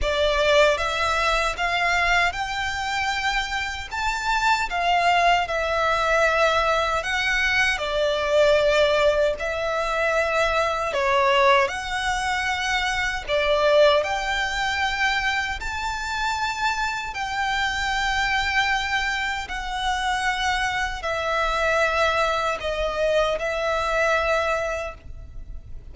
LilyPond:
\new Staff \with { instrumentName = "violin" } { \time 4/4 \tempo 4 = 77 d''4 e''4 f''4 g''4~ | g''4 a''4 f''4 e''4~ | e''4 fis''4 d''2 | e''2 cis''4 fis''4~ |
fis''4 d''4 g''2 | a''2 g''2~ | g''4 fis''2 e''4~ | e''4 dis''4 e''2 | }